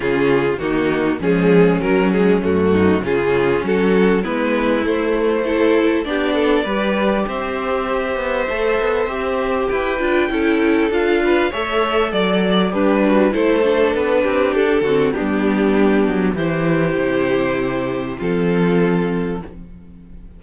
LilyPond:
<<
  \new Staff \with { instrumentName = "violin" } { \time 4/4 \tempo 4 = 99 gis'4 fis'4 gis'4 ais'8 gis'8 | fis'4 gis'4 a'4 b'4 | c''2 d''2 | e''1 |
g''2 f''4 e''4 | d''4 b'4 c''4 b'4 | a'4 g'2 c''4~ | c''2 a'2 | }
  \new Staff \with { instrumentName = "violin" } { \time 4/4 f'4 dis'4 cis'2~ | cis'8 dis'8 f'4 fis'4 e'4~ | e'4 a'4 g'8 a'8 b'4 | c''1 |
b'4 a'4. b'8 cis''4 | d''4 d'4 a'4. g'8~ | g'8 fis'8 d'2 g'4~ | g'2 f'2 | }
  \new Staff \with { instrumentName = "viola" } { \time 4/4 cis'4 ais4 gis4 fis8 gis8 | a4 cis'2 b4 | a4 e'4 d'4 g'4~ | g'2 a'4 g'4~ |
g'8 f'8 e'4 f'4 a'4~ | a'4 g'8 fis'8 e'8 d'4.~ | d'8 c'8 b2 e'4~ | e'2 c'2 | }
  \new Staff \with { instrumentName = "cello" } { \time 4/4 cis4 dis4 f4 fis4 | fis,4 cis4 fis4 gis4 | a2 b4 g4 | c'4. b8 a8 b8 c'4 |
e'8 d'8 cis'4 d'4 a4 | fis4 g4 a4 b8 c'8 | d'8 d8 g4. fis8 e4 | c2 f2 | }
>>